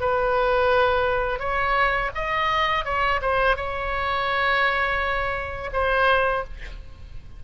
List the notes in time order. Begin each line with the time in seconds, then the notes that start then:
0.00 B4
1.39 C#5
2.15 D#5
2.85 C#5
3.21 C5
3.56 C#5
5.72 C5